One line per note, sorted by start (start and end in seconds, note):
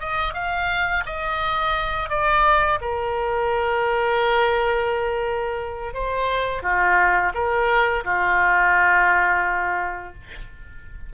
0.00 0.34 D#5
0.34 1.04 F5
1.06 2.09 D#5
2.09 2.79 D5
2.81 5.94 A#4
5.94 6.63 C5
6.63 7.33 F4
7.34 8.04 A#4
8.04 10.14 F4